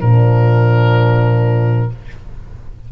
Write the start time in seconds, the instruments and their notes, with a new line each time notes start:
0.00 tuba A#2, horn F3 D4, oboe A#4